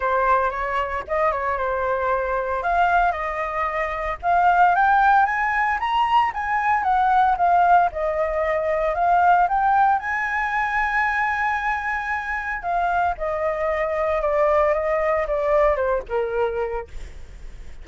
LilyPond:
\new Staff \with { instrumentName = "flute" } { \time 4/4 \tempo 4 = 114 c''4 cis''4 dis''8 cis''8 c''4~ | c''4 f''4 dis''2 | f''4 g''4 gis''4 ais''4 | gis''4 fis''4 f''4 dis''4~ |
dis''4 f''4 g''4 gis''4~ | gis''1 | f''4 dis''2 d''4 | dis''4 d''4 c''8 ais'4. | }